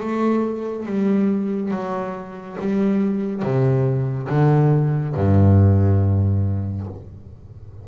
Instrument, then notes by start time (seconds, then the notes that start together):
double bass
0.00 A3
0.86 G3
1.71 F#3
2.59 G3
3.42 C3
4.29 D3
5.15 G2